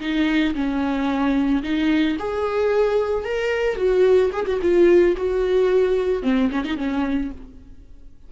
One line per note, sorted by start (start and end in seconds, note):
0.00 0.54 D#4
0.55 1.63 C#4
1.63 2.17 D#4
2.19 3.25 G#4
3.25 3.76 A#4
3.76 4.30 F#4
4.32 4.46 G#4
4.46 4.59 F#4
4.62 5.16 F4
5.16 6.23 F#4
6.23 6.50 C4
6.51 6.65 C#4
6.65 6.77 D#4
6.77 7.31 C#4